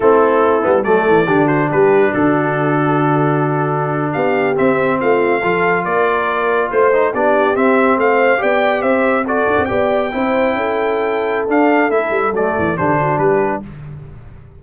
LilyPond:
<<
  \new Staff \with { instrumentName = "trumpet" } { \time 4/4 \tempo 4 = 141 a'2 d''4. c''8 | b'4 a'2.~ | a'4.~ a'16 f''4 e''4 f''16~ | f''4.~ f''16 d''2 c''16~ |
c''8. d''4 e''4 f''4 g''16~ | g''8. e''4 d''4 g''4~ g''16~ | g''2. f''4 | e''4 d''4 c''4 b'4 | }
  \new Staff \with { instrumentName = "horn" } { \time 4/4 e'2 a'4 g'8 fis'8 | g'4 fis'2.~ | fis'4.~ fis'16 g'2 f'16~ | f'8. a'4 ais'2 c''16~ |
c''8. g'2 c''4 d''16~ | d''8. c''4 a'4 d''4 c''16~ | c''8. a'2.~ a'16~ | a'2 g'8 fis'8 g'4 | }
  \new Staff \with { instrumentName = "trombone" } { \time 4/4 c'4. b8 a4 d'4~ | d'1~ | d'2~ d'8. c'4~ c'16~ | c'8. f'2.~ f'16~ |
f'16 dis'8 d'4 c'2 g'16~ | g'4.~ g'16 fis'4 g'4 e'16~ | e'2. d'4 | e'4 a4 d'2 | }
  \new Staff \with { instrumentName = "tuba" } { \time 4/4 a4. g8 fis8 e8 d4 | g4 d2.~ | d4.~ d16 b4 c'4 a16~ | a8. f4 ais2 a16~ |
a8. b4 c'4 a4 b16~ | b8. c'4. d'16 c'16 b4 c'16~ | c'8. cis'2~ cis'16 d'4 | a8 g8 fis8 e8 d4 g4 | }
>>